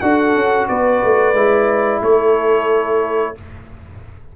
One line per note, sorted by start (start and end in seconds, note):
0.00 0.35 D4
0.00 1.35 F#4
0.00 0.68 A4
0.00 0.67 F#5
0.35 0.69 C#4
0.68 1.03 B3
0.68 2.02 B4
0.68 2.02 D5
1.03 1.34 A3
1.34 2.00 G#3
1.34 3.35 E4
2.01 3.35 A3
2.01 3.36 A4
2.01 3.36 C#5